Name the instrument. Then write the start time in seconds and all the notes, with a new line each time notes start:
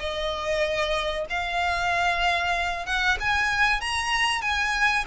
violin
0.00 D#5
1.30 F5
2.87 F#5
3.20 G#5
3.81 A#5
4.42 G#5